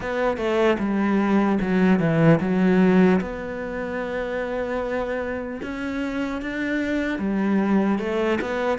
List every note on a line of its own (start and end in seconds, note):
0.00 0.37 B3
0.37 0.77 A3
0.78 1.58 G3
1.60 1.99 F#3
1.99 2.39 E3
2.40 3.20 F#3
3.20 5.60 B3
5.62 6.41 C#4
6.41 7.19 D4
7.19 7.99 G3
7.99 8.39 A3
8.41 8.78 B3